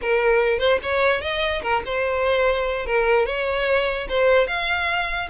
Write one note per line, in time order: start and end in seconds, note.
0.01 0.58 A#4
0.58 0.79 C5
0.82 1.21 C#5
1.21 1.62 D#5
1.62 1.82 A#4
1.85 2.86 C5
2.86 3.26 A#4
3.26 4.07 C#5
4.08 4.47 C5
4.47 5.28 F5